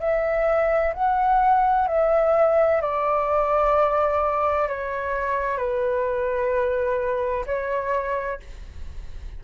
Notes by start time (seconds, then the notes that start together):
0.00 E5
0.94 F#5
1.88 E5
2.82 D5
4.68 C#5
5.58 B4
7.46 C#5